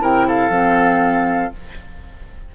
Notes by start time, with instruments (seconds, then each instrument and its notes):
0.00 bassoon C3, clarinet E4, oboe A#4, flute G5
0.27 oboe A4, flute F5
0.49 bassoon F3, clarinet C4